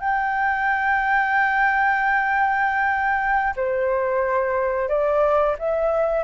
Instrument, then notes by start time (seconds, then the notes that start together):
flute
0.00 G5
3.56 C5
4.88 D5
5.59 E5